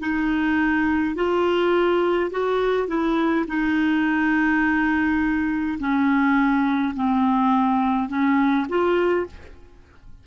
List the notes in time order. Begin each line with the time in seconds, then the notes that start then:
0.00 D#4
1.15 F4
2.31 F#4
2.88 E4
3.48 D#4
5.80 C#4
6.95 C4
8.09 C#4
8.69 F4